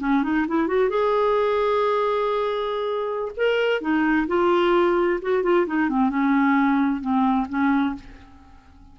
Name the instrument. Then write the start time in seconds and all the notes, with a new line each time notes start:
clarinet
0.00 C#4
0.23 D#4
0.48 E4
0.68 F#4
0.89 G#4
3.37 A#4
3.81 D#4
4.28 F4
5.22 F#4
5.43 F4
5.67 D#4
5.89 C4
6.09 C#4
7.01 C4
7.49 C#4